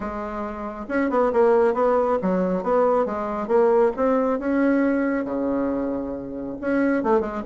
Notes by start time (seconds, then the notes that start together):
0.00 G#3
0.88 C#4
1.09 B3
1.32 A#3
1.74 B3
2.22 F#3
2.63 B3
3.05 G#3
3.47 A#3
3.96 C4
4.39 C#4
5.25 C#3
6.60 C#4
7.03 A3
7.20 G#3